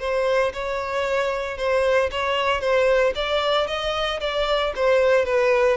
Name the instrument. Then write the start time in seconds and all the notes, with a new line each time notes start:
violin
0.00 C5
0.54 C#5
1.58 C5
2.12 C#5
2.61 C5
3.16 D5
3.68 D#5
4.21 D5
4.76 C5
5.26 B4